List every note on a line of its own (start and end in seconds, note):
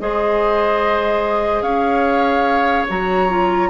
0.00 1.62 G#3
0.00 2.88 G#4
0.00 1.63 C5
0.00 1.62 D#5
1.62 2.85 C#4
1.62 3.69 C#5
1.62 2.86 F5
2.89 3.70 F#3
2.89 3.29 F#4
2.89 3.70 A#5
3.29 3.70 F4